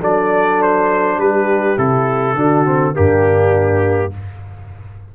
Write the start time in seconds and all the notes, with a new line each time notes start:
0.00 F#3 D4 A4 D5
0.62 C5
1.18 G3 G4 B4
1.77 C3 E4 A4
2.35 D3 D4 F#4
2.65 C4
2.94 G2 A#3 D4 G4